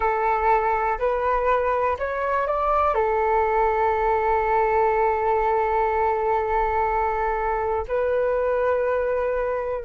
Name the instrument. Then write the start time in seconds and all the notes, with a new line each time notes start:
flute
0.00 A4
0.98 B4
1.99 C#5
2.47 D5
2.94 A4
7.87 B4